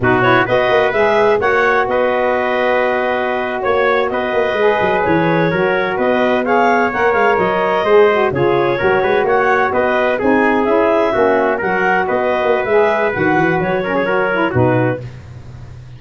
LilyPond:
<<
  \new Staff \with { instrumentName = "clarinet" } { \time 4/4 \tempo 4 = 128 b'8 cis''8 dis''4 e''4 fis''4 | dis''2.~ dis''8. cis''16~ | cis''8. dis''2 cis''4~ cis''16~ | cis''8. dis''4 f''4 fis''8 f''8 dis''16~ |
dis''4.~ dis''16 cis''2 fis''16~ | fis''8. dis''4 gis''4 e''4~ e''16~ | e''8. fis''4 dis''4~ dis''16 e''4 | fis''4 cis''2 b'4 | }
  \new Staff \with { instrumentName = "trumpet" } { \time 4/4 fis'4 b'2 cis''4 | b'2.~ b'8. cis''16~ | cis''8. b'2. ais'16~ | ais'8. b'4 cis''2~ cis''16~ |
cis''8. c''4 gis'4 ais'8 b'8 cis''16~ | cis''8. b'4 gis'2 fis'16~ | fis'8. ais'4 b'2~ b'16~ | b'4. ais'16 gis'16 ais'4 fis'4 | }
  \new Staff \with { instrumentName = "saxophone" } { \time 4/4 dis'8 e'8 fis'4 gis'4 fis'4~ | fis'1~ | fis'4.~ fis'16 gis'2 fis'16~ | fis'4.~ fis'16 gis'4 ais'4~ ais'16~ |
ais'8. gis'8 fis'8 f'4 fis'4~ fis'16~ | fis'4.~ fis'16 dis'4 e'4 cis'16~ | cis'8. fis'2~ fis'16 gis'4 | fis'4. cis'8 fis'8 e'8 dis'4 | }
  \new Staff \with { instrumentName = "tuba" } { \time 4/4 b,4 b8 ais8 gis4 ais4 | b2.~ b8. ais16~ | ais8. b8 ais8 gis8 fis8 e4 fis16~ | fis8. b2 ais8 gis8 fis16~ |
fis8. gis4 cis4 fis8 gis8 ais16~ | ais8. b4 c'4 cis'4 ais16~ | ais8. fis4 b8. ais8 gis4 | dis8 e8 fis2 b,4 | }
>>